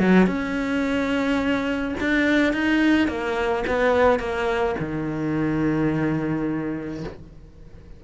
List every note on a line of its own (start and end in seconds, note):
0.00 0.27 F#3
0.27 1.95 C#4
2.01 2.54 D4
2.54 3.08 D#4
3.08 3.64 A#3
3.68 4.20 B3
4.20 4.76 A#3
4.80 7.04 D#3